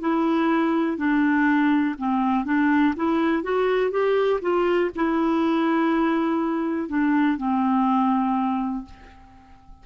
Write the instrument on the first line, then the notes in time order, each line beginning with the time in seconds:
clarinet
0.00 E4
0.97 D4
1.98 C4
2.45 D4
2.96 E4
3.43 F#4
3.91 G4
4.41 F4
4.95 E4
6.88 D4
7.37 C4